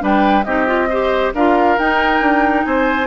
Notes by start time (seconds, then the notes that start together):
0.00 G3 D4 B4 G5
0.44 C4 D#4 G4 D#5
0.66 F4
0.89 G4 C5
1.34 D4 F4 A#4 F5
1.79 D#4 G5
2.21 D4
2.64 C4 C5 G#5